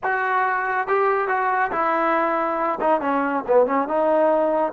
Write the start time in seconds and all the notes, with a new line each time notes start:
0.03 F#4
0.87 G4
1.28 F#4
1.71 E4
2.80 D#4
3.00 C#4
3.47 B3
3.66 C#4
3.88 D#4